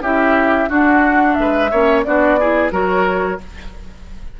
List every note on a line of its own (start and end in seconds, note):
0.00 0.67 C#4
0.00 0.69 E4
0.00 0.69 G4
0.00 0.70 E5
0.69 1.70 D4
0.69 1.37 D4
0.69 1.36 F#4
0.69 1.34 F#5
1.34 1.71 G#3
1.34 2.01 E5
1.40 1.70 B4
1.70 2.05 A#3
1.70 2.05 C#4
1.70 2.04 C#5
2.03 2.71 B3
2.03 2.39 D4
2.03 2.39 F#4
2.03 2.71 D5
2.39 2.71 E4
2.39 2.72 G#4
2.71 3.38 F#3
2.71 3.38 F#4
2.71 3.39 A#4
2.71 3.39 C#5